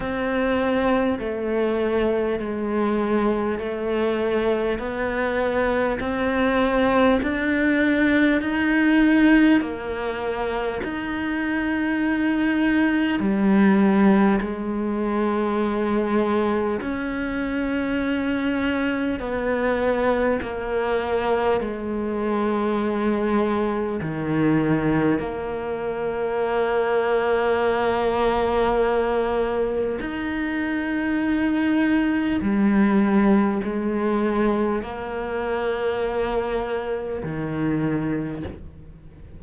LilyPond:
\new Staff \with { instrumentName = "cello" } { \time 4/4 \tempo 4 = 50 c'4 a4 gis4 a4 | b4 c'4 d'4 dis'4 | ais4 dis'2 g4 | gis2 cis'2 |
b4 ais4 gis2 | dis4 ais2.~ | ais4 dis'2 g4 | gis4 ais2 dis4 | }